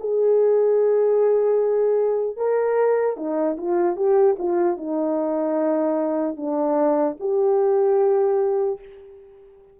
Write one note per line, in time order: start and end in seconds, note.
0.00 2.37 G#4
2.37 3.16 A#4
3.16 3.56 D#4
3.57 3.96 F4
3.96 4.36 G4
4.39 4.77 F4
4.77 6.37 D#4
6.37 7.17 D4
7.20 8.80 G4